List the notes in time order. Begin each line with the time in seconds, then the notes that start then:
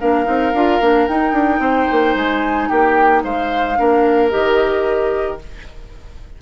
0.00 A#3 D4 A#4 F5
0.25 C4 D#4
0.53 D4 F4
0.80 A#3 D4
1.08 D#4 G5
1.33 D4
1.59 C4 C5
1.92 A#3
2.15 G#3 G#5
2.69 A#3 G4 G5
3.24 G#3 C5 F5
3.76 A#3 D4 A#4
4.30 D#3 G4 D#5